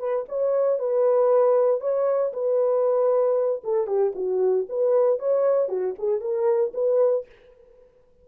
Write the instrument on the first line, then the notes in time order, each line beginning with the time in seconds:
horn
0.00 B4
0.29 C#5
0.79 B4
1.81 C#5
2.33 B4
3.64 A4
3.87 G4
4.15 F#4
4.70 B4
5.20 C#5
5.69 F#4
5.99 G#4
6.21 A#4
6.74 B4